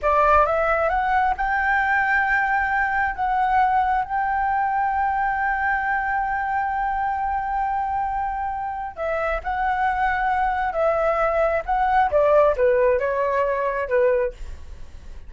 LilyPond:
\new Staff \with { instrumentName = "flute" } { \time 4/4 \tempo 4 = 134 d''4 e''4 fis''4 g''4~ | g''2. fis''4~ | fis''4 g''2.~ | g''1~ |
g''1 | e''4 fis''2. | e''2 fis''4 d''4 | b'4 cis''2 b'4 | }